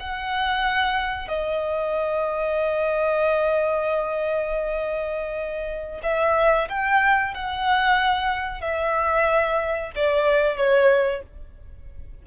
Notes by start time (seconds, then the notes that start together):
0.00 F#5
1.28 D#5
6.03 E5
6.69 G5
7.34 F#5
8.61 E5
9.95 D5
10.57 C#5